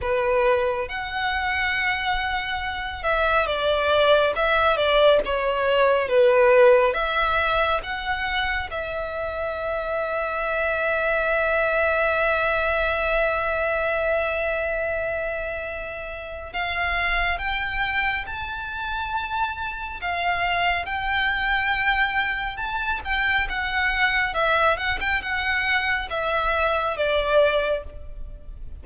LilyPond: \new Staff \with { instrumentName = "violin" } { \time 4/4 \tempo 4 = 69 b'4 fis''2~ fis''8 e''8 | d''4 e''8 d''8 cis''4 b'4 | e''4 fis''4 e''2~ | e''1~ |
e''2. f''4 | g''4 a''2 f''4 | g''2 a''8 g''8 fis''4 | e''8 fis''16 g''16 fis''4 e''4 d''4 | }